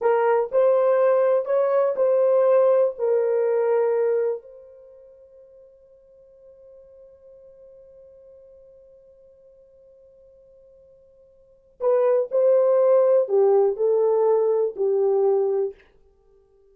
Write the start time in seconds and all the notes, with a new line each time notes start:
0.01 A#4
0.51 C5
1.45 C#5
1.96 C5
2.98 A#4
4.42 C5
11.80 B4
12.31 C5
13.28 G4
13.76 A4
14.76 G4